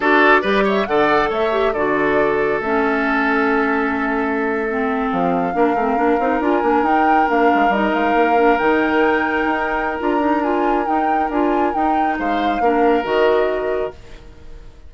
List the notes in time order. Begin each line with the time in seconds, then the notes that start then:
0.00 D4 F#4 A4 D5
0.41 G3 G4 B4
0.64 C#5 E5
0.86 D3 A4 D5 F#5
1.29 A3 C#5 E5
1.51 G4
1.72 D3 F#4 A4 D5
2.60 A3 C#4 E5
4.69 C4
5.11 F3 F5
5.53 A#3 D4 A#4
5.74 A3 C4
5.96 A#3 D4
6.19 C4 D#4
6.40 D4 F4 G#5
6.62 A#3 D4
6.82 D#4 G5
7.27 A#3 D4 F5
7.54 G#3
7.69 G3 D#4 D#5
7.93 G#3 F5
8.14 A#3
8.35 D4
8.58 D#3 D#4 G5
9.44 D#4
9.99 D4 F4 A#5
10.20 D#4
10.43 F4 G#5
10.85 D#4 G5
11.29 D4 F4 G#5
11.73 D#4 G5
12.18 G#3 C5 F5
12.60 A#3 D4 A#4
13.03 D#3 F#4 D#5